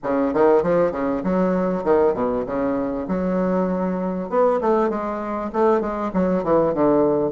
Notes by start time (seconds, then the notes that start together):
0.03 C#3
0.33 D#3
0.62 F3
0.91 C#3
1.23 F#3
1.84 D#3
2.14 B2
2.45 C#3
3.08 F#3
4.29 B3
4.60 A3
4.89 G#3
5.52 A3
5.80 G#3
6.13 F#3
6.43 E3
6.73 D3